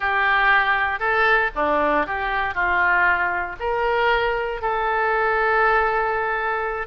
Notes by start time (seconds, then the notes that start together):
0.00 G4
0.99 A4
1.55 D4
2.06 G4
2.54 F4
3.59 A#4
4.61 A4